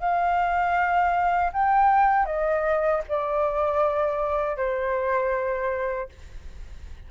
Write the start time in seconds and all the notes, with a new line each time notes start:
0.00 F5
1.53 G5
2.26 D#5
3.09 D5
4.57 C5